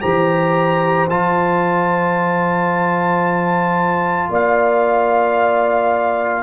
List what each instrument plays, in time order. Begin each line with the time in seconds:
0.00 tuba E3, trombone G4, horn C5, trumpet A#5
1.09 tuba F3, trombone F4, trumpet A5
4.29 tuba A#3, horn D5, trumpet F5